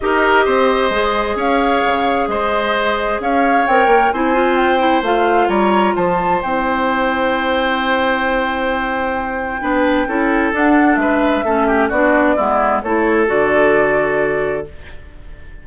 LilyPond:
<<
  \new Staff \with { instrumentName = "flute" } { \time 4/4 \tempo 4 = 131 dis''2. f''4~ | f''4 dis''2 f''4 | g''4 gis''4 g''4 f''4 | ais''4 a''4 g''2~ |
g''1~ | g''2. fis''4 | e''2 d''2 | cis''4 d''2. | }
  \new Staff \with { instrumentName = "oboe" } { \time 4/4 ais'4 c''2 cis''4~ | cis''4 c''2 cis''4~ | cis''4 c''2. | cis''4 c''2.~ |
c''1~ | c''4 b'4 a'2 | b'4 a'8 g'8 fis'4 e'4 | a'1 | }
  \new Staff \with { instrumentName = "clarinet" } { \time 4/4 g'2 gis'2~ | gis'1 | ais'4 e'8 f'4 e'8 f'4~ | f'2 e'2~ |
e'1~ | e'4 d'4 e'4 d'4~ | d'4 cis'4 d'4 b4 | e'4 fis'2. | }
  \new Staff \with { instrumentName = "bassoon" } { \time 4/4 dis'4 c'4 gis4 cis'4 | cis4 gis2 cis'4 | c'8 ais8 c'2 a4 | g4 f4 c'2~ |
c'1~ | c'4 b4 cis'4 d'4 | gis4 a4 b4 gis4 | a4 d2. | }
>>